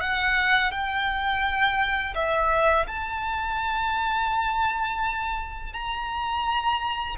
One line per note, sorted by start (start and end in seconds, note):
0.00 0.71 F#5
0.71 2.14 G5
2.15 2.86 E5
2.87 5.73 A5
5.73 7.16 A#5